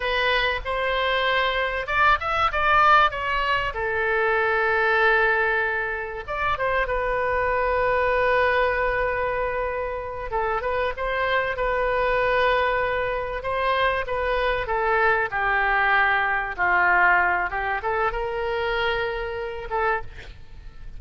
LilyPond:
\new Staff \with { instrumentName = "oboe" } { \time 4/4 \tempo 4 = 96 b'4 c''2 d''8 e''8 | d''4 cis''4 a'2~ | a'2 d''8 c''8 b'4~ | b'1~ |
b'8 a'8 b'8 c''4 b'4.~ | b'4. c''4 b'4 a'8~ | a'8 g'2 f'4. | g'8 a'8 ais'2~ ais'8 a'8 | }